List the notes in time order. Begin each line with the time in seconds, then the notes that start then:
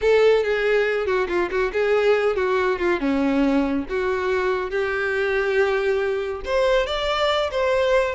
0.01 A4
0.43 G#4
1.06 F#4
1.28 F4
1.50 F#4
1.72 G#4
2.36 F#4
2.79 F4
3.00 C#4
3.89 F#4
4.70 G4
6.45 C5
6.86 D5
7.51 C5